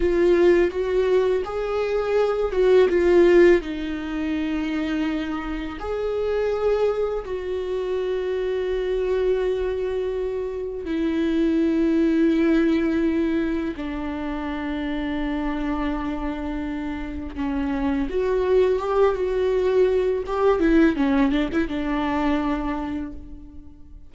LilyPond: \new Staff \with { instrumentName = "viola" } { \time 4/4 \tempo 4 = 83 f'4 fis'4 gis'4. fis'8 | f'4 dis'2. | gis'2 fis'2~ | fis'2. e'4~ |
e'2. d'4~ | d'1 | cis'4 fis'4 g'8 fis'4. | g'8 e'8 cis'8 d'16 e'16 d'2 | }